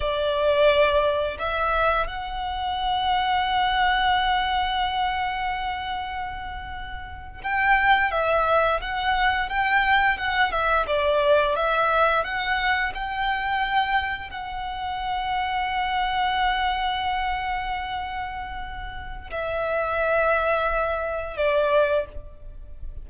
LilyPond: \new Staff \with { instrumentName = "violin" } { \time 4/4 \tempo 4 = 87 d''2 e''4 fis''4~ | fis''1~ | fis''2~ fis''8. g''4 e''16~ | e''8. fis''4 g''4 fis''8 e''8 d''16~ |
d''8. e''4 fis''4 g''4~ g''16~ | g''8. fis''2.~ fis''16~ | fis''1 | e''2. d''4 | }